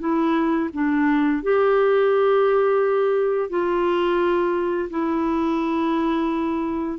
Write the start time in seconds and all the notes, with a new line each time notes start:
0.00 E4
0.73 D4
1.43 G4
3.50 F4
4.90 E4